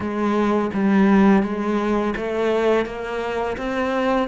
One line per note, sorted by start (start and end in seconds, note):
0.00 0.70 G#3
0.73 1.43 G3
1.43 2.14 G#3
2.16 2.85 A3
2.85 3.56 A#3
3.57 4.28 C4